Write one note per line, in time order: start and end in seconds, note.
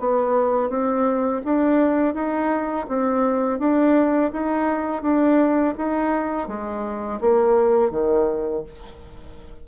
0.00 0.69 B3
0.69 1.42 C4
1.45 2.14 D4
2.14 2.87 D#4
2.88 3.59 C4
3.59 4.31 D4
4.32 5.02 D#4
5.02 5.74 D4
5.78 6.48 D#4
6.48 7.20 G#3
7.21 7.91 A#3
7.91 8.63 D#3